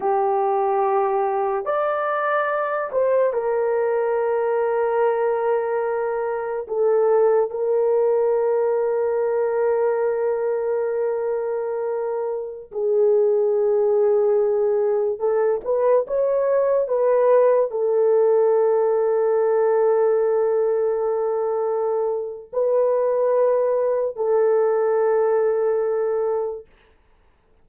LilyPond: \new Staff \with { instrumentName = "horn" } { \time 4/4 \tempo 4 = 72 g'2 d''4. c''8 | ais'1 | a'4 ais'2.~ | ais'2.~ ais'16 gis'8.~ |
gis'2~ gis'16 a'8 b'8 cis''8.~ | cis''16 b'4 a'2~ a'8.~ | a'2. b'4~ | b'4 a'2. | }